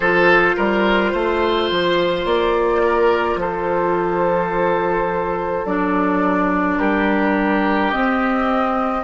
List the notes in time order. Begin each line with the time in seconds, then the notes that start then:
0.00 F3 F4 A4 C5
0.56 G3 A#4
1.12 A3 C5
1.70 F3
2.25 A#3 D5
2.83 A#4
3.36 F3 A4 C5
5.65 F#3 D4 D5
6.78 G3 G4 A#4
7.90 C4 D#5